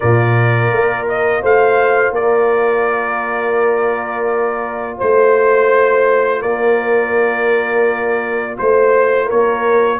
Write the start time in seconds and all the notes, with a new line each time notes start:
0.00 A#2 F4 A#4 D5
0.72 A#3
1.08 D#5
1.42 A3 C5 F5
2.11 A#3 A#4 D5
4.97 A3 C5
6.41 A#3 A#4 D5
8.58 A3 C5
9.25 A#3 A#4 C#5